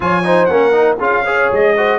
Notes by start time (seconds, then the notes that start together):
0.00 F3 F4 C#5 G#5
0.24 D#4 C5
0.45 A#3 C#4 A#4 F#5
0.72 D#4
0.97 C#4 F4 G#4 F5
1.24 G#4 C#5
1.51 G#3 D#5
1.76 F#4 C5